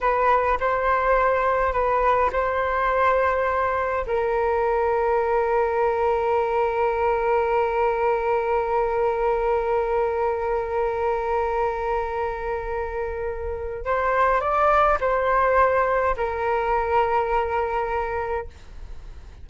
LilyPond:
\new Staff \with { instrumentName = "flute" } { \time 4/4 \tempo 4 = 104 b'4 c''2 b'4 | c''2. ais'4~ | ais'1~ | ais'1~ |
ais'1~ | ais'1 | c''4 d''4 c''2 | ais'1 | }